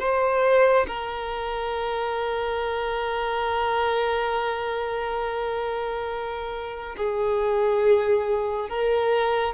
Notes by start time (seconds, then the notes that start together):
0.00 C5
0.88 A#4
6.97 G#4
8.70 A#4